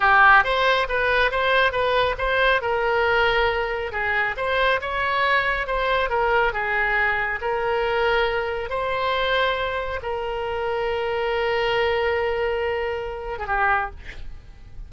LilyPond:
\new Staff \with { instrumentName = "oboe" } { \time 4/4 \tempo 4 = 138 g'4 c''4 b'4 c''4 | b'4 c''4 ais'2~ | ais'4 gis'4 c''4 cis''4~ | cis''4 c''4 ais'4 gis'4~ |
gis'4 ais'2. | c''2. ais'4~ | ais'1~ | ais'2~ ais'8. gis'16 g'4 | }